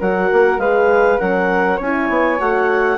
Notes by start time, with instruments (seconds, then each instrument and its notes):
0.00 bassoon F#3, horn F#4, flute A#4, clarinet F#5
0.32 bassoon A#3
0.58 bassoon G#3, horn G#4, flute B4, clarinet F5
1.18 bassoon F#3, horn C#4, flute A#4, clarinet F#5
1.77 bassoon C#4, horn E4, flute C#5, clarinet G#5
2.09 bassoon B3
2.38 bassoon A3, horn F#4, clarinet F#5